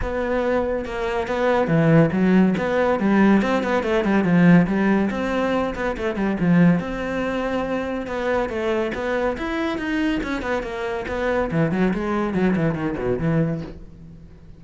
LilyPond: \new Staff \with { instrumentName = "cello" } { \time 4/4 \tempo 4 = 141 b2 ais4 b4 | e4 fis4 b4 g4 | c'8 b8 a8 g8 f4 g4 | c'4. b8 a8 g8 f4 |
c'2. b4 | a4 b4 e'4 dis'4 | cis'8 b8 ais4 b4 e8 fis8 | gis4 fis8 e8 dis8 b,8 e4 | }